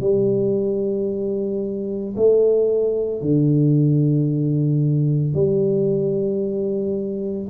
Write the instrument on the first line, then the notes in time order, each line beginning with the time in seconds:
tuba
0.00 G3
2.16 A3
3.21 D3
5.34 G3